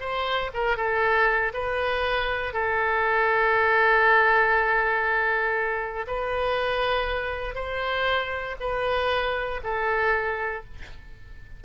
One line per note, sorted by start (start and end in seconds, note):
0.00 0.50 C5
0.53 0.77 A#4
0.77 1.52 A4
1.54 2.53 B4
2.53 6.06 A4
6.07 7.55 B4
7.55 8.56 C5
8.60 9.61 B4
9.63 10.64 A4